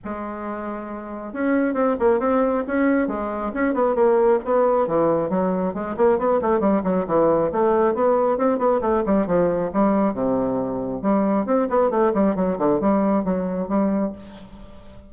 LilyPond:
\new Staff \with { instrumentName = "bassoon" } { \time 4/4 \tempo 4 = 136 gis2. cis'4 | c'8 ais8 c'4 cis'4 gis4 | cis'8 b8 ais4 b4 e4 | fis4 gis8 ais8 b8 a8 g8 fis8 |
e4 a4 b4 c'8 b8 | a8 g8 f4 g4 c4~ | c4 g4 c'8 b8 a8 g8 | fis8 d8 g4 fis4 g4 | }